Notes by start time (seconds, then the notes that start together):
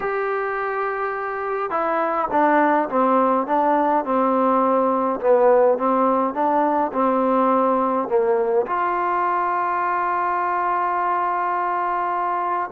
0.00 G4
1.70 E4
2.31 D4
2.89 C4
3.46 D4
4.04 C4
5.20 B3
5.77 C4
6.34 D4
6.92 C4
8.08 A#3
8.66 F4